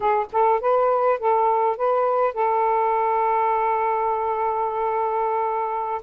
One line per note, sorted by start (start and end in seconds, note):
0.00 0.26 G#4
0.32 0.60 A4
0.60 1.19 B4
1.19 1.76 A4
1.76 2.34 B4
2.34 6.01 A4